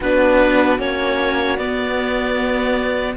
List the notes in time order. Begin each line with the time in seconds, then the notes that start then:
0.00 B3 D4 F#4 B4
0.78 A#3 C#4 C#5
1.57 B3 D5